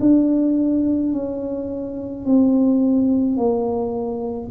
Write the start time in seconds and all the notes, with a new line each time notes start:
0.00 D4
1.13 C#4
2.25 C4
3.37 A#3